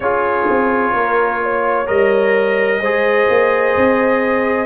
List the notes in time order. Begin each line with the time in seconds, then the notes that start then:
0.00 C#4 F4 G#4 C#5
0.49 C4
0.93 A#3 A#4
1.42 C#5
1.86 G3 A#4 D#5
2.80 G#3 G#4 C5
3.29 A#3
3.76 C4